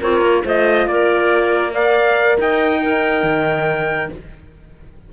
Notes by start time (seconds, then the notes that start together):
0.00 C4 F4 A#4 C#5
0.21 A#3
0.44 A3 F4 C5 D#5
0.87 A#3 A#4 D5
1.74 A#4 D5 F5
2.39 D#4 D#5 G5
2.81 D#4 A#4
3.23 D#3